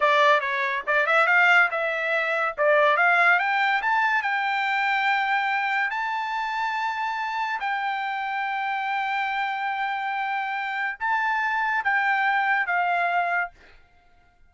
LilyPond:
\new Staff \with { instrumentName = "trumpet" } { \time 4/4 \tempo 4 = 142 d''4 cis''4 d''8 e''8 f''4 | e''2 d''4 f''4 | g''4 a''4 g''2~ | g''2 a''2~ |
a''2 g''2~ | g''1~ | g''2 a''2 | g''2 f''2 | }